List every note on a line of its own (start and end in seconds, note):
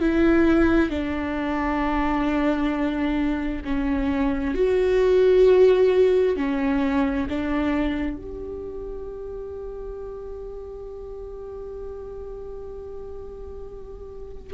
0.00 0.90 E4
0.90 3.63 D4
3.65 4.55 C#4
4.55 6.36 F#4
6.36 7.27 C#4
7.30 8.17 D4
8.17 14.53 G4